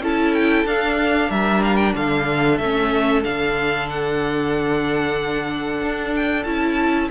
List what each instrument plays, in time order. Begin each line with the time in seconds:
0.00 cello C#4, viola E4, violin A4 A5
0.34 violin G5
0.65 cello D4, viola D4, violin F5
1.30 cello G3, violin A#4 E5
1.64 violin F5
1.76 violin G5
1.96 cello D3, violin A4 F5
2.58 cello A3, viola C#4, violin E5
3.23 cello D3, viola D4, violin F5
3.90 violin F#5
5.82 cello D4
6.16 violin G5
6.44 cello C#4, viola E4, violin A5